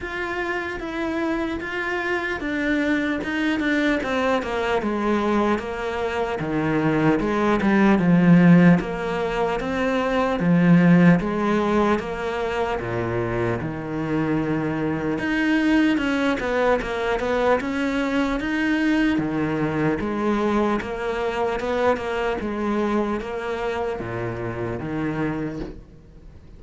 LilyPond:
\new Staff \with { instrumentName = "cello" } { \time 4/4 \tempo 4 = 75 f'4 e'4 f'4 d'4 | dis'8 d'8 c'8 ais8 gis4 ais4 | dis4 gis8 g8 f4 ais4 | c'4 f4 gis4 ais4 |
ais,4 dis2 dis'4 | cis'8 b8 ais8 b8 cis'4 dis'4 | dis4 gis4 ais4 b8 ais8 | gis4 ais4 ais,4 dis4 | }